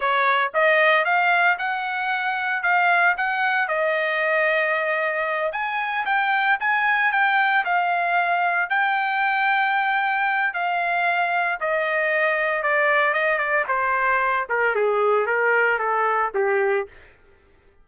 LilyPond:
\new Staff \with { instrumentName = "trumpet" } { \time 4/4 \tempo 4 = 114 cis''4 dis''4 f''4 fis''4~ | fis''4 f''4 fis''4 dis''4~ | dis''2~ dis''8 gis''4 g''8~ | g''8 gis''4 g''4 f''4.~ |
f''8 g''2.~ g''8 | f''2 dis''2 | d''4 dis''8 d''8 c''4. ais'8 | gis'4 ais'4 a'4 g'4 | }